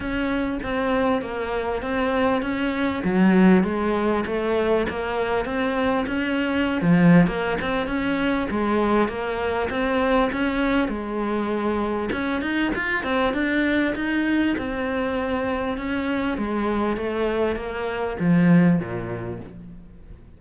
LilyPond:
\new Staff \with { instrumentName = "cello" } { \time 4/4 \tempo 4 = 99 cis'4 c'4 ais4 c'4 | cis'4 fis4 gis4 a4 | ais4 c'4 cis'4~ cis'16 f8. | ais8 c'8 cis'4 gis4 ais4 |
c'4 cis'4 gis2 | cis'8 dis'8 f'8 c'8 d'4 dis'4 | c'2 cis'4 gis4 | a4 ais4 f4 ais,4 | }